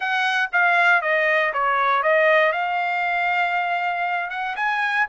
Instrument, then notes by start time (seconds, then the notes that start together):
trumpet
0.00 F#5
0.52 F5
1.01 D#5
1.53 C#5
2.02 D#5
2.52 F5
4.30 F#5
4.56 G#5